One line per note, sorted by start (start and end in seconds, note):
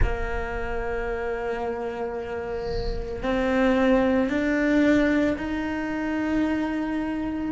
0.02 3.22 A#3
3.22 4.29 C4
4.29 5.36 D4
5.37 7.51 D#4